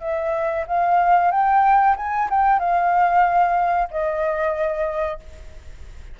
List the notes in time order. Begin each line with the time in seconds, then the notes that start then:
0.00 E5
0.67 F5
1.31 G5
1.96 G#5
2.30 G5
2.59 F5
3.90 D#5